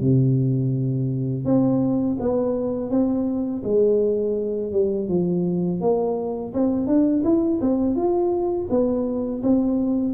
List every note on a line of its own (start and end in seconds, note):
0.00 1.45 C3
1.45 2.17 C4
2.19 2.90 B3
2.90 3.62 C4
3.63 4.72 G#3
4.72 5.08 G3
5.08 5.81 F3
5.81 6.53 A#3
6.54 6.87 C4
6.87 7.23 D4
7.24 7.60 E4
7.61 7.95 C4
7.95 8.67 F4
8.70 9.42 B3
9.43 10.14 C4